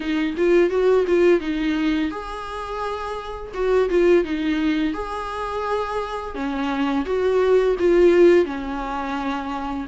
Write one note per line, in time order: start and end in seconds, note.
0.00 0.35 D#4
0.37 0.70 F4
0.70 1.05 F#4
1.07 1.40 F4
1.40 2.10 D#4
2.10 3.51 G#4
3.54 3.89 F#4
3.89 4.24 F4
4.24 4.93 D#4
4.93 6.34 G#4
6.34 7.05 C#4
7.05 7.76 F#4
7.79 8.45 F4
8.45 9.86 C#4